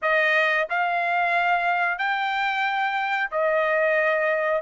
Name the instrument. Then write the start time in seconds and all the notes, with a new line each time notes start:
trumpet
0.02 D#5
0.69 F5
1.98 G5
3.31 D#5